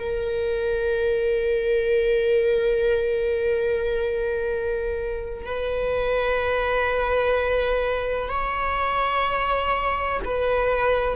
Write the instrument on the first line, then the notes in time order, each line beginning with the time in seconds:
viola
0.00 A#4
5.46 B4
8.29 C#5
10.25 B4